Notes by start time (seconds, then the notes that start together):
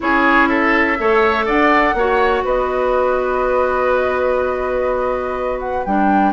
0.00 C#4 E4 G#4 C#5
0.48 A4 E5
0.99 A3 A4 C#5
1.45 D4 D5 F#5
1.94 A#3 F#4 C#5
2.44 B3 B4 D#5
5.59 F#5
5.85 G3 D4 G5